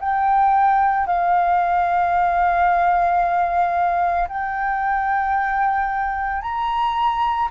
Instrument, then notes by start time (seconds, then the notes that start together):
flute
0.00 G5
1.07 F5
4.28 G5
6.42 A#5